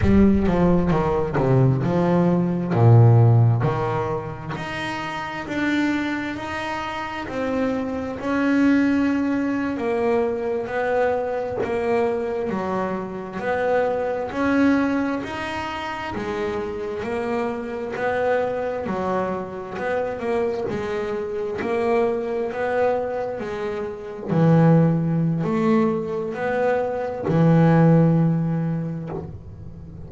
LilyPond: \new Staff \with { instrumentName = "double bass" } { \time 4/4 \tempo 4 = 66 g8 f8 dis8 c8 f4 ais,4 | dis4 dis'4 d'4 dis'4 | c'4 cis'4.~ cis'16 ais4 b16~ | b8. ais4 fis4 b4 cis'16~ |
cis'8. dis'4 gis4 ais4 b16~ | b8. fis4 b8 ais8 gis4 ais16~ | ais8. b4 gis4 e4~ e16 | a4 b4 e2 | }